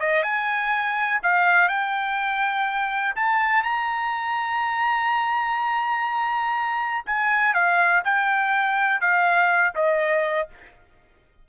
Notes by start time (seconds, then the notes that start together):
0.00 D#5
0.23 G#5
1.23 F5
1.69 G5
3.16 A5
3.64 A#5
7.06 G#5
7.54 F5
8.05 G5
9.01 F5
9.76 D#5